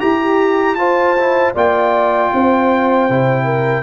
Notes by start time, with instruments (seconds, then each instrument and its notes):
0.00 tuba E4, trombone G4, horn G4, trumpet A#5
0.75 tuba F4, trombone F4, horn C5, trumpet A5
1.18 trombone E4
1.55 tuba A#3, trombone F4, horn D5, trumpet G5
2.34 tuba C4, horn C5
3.10 tuba C3, trombone E4
3.45 horn A#4